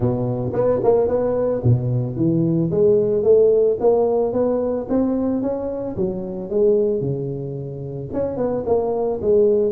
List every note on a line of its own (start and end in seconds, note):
0.00 0.52 B2
0.53 0.80 B3
0.83 1.08 A#3
1.08 1.62 B3
1.63 2.16 B2
2.16 2.70 E3
2.71 3.23 G#3
3.23 3.77 A3
3.80 4.32 A#3
4.32 4.86 B3
4.88 5.42 C4
5.42 5.96 C#4
5.96 6.50 F#3
6.50 7.00 G#3
7.00 8.09 C#3
8.13 8.36 C#4
8.36 8.63 B3
8.65 9.19 A#3
9.21 9.72 G#3